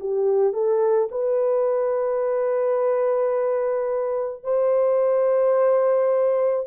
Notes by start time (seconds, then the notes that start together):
0.00 G4
0.53 A4
1.11 B4
4.43 C5